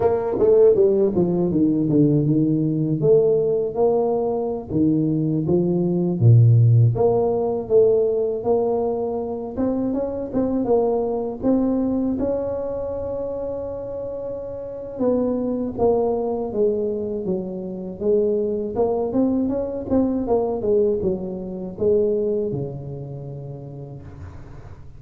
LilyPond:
\new Staff \with { instrumentName = "tuba" } { \time 4/4 \tempo 4 = 80 ais8 a8 g8 f8 dis8 d8 dis4 | a4 ais4~ ais16 dis4 f8.~ | f16 ais,4 ais4 a4 ais8.~ | ais8. c'8 cis'8 c'8 ais4 c'8.~ |
c'16 cis'2.~ cis'8. | b4 ais4 gis4 fis4 | gis4 ais8 c'8 cis'8 c'8 ais8 gis8 | fis4 gis4 cis2 | }